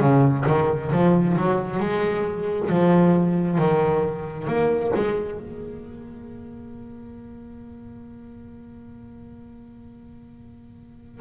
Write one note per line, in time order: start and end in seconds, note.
0.00 0.45 C#3
0.47 0.92 D#3
0.92 1.37 F3
1.37 1.80 F#3
1.80 2.69 G#3
2.69 3.58 F3
3.58 4.48 D#3
4.48 4.93 A#3
4.96 5.40 G#3
5.40 11.21 A#3